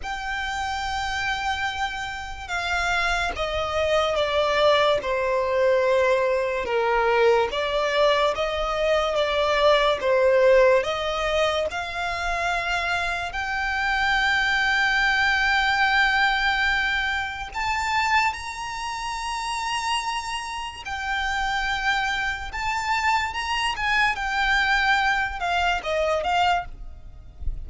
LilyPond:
\new Staff \with { instrumentName = "violin" } { \time 4/4 \tempo 4 = 72 g''2. f''4 | dis''4 d''4 c''2 | ais'4 d''4 dis''4 d''4 | c''4 dis''4 f''2 |
g''1~ | g''4 a''4 ais''2~ | ais''4 g''2 a''4 | ais''8 gis''8 g''4. f''8 dis''8 f''8 | }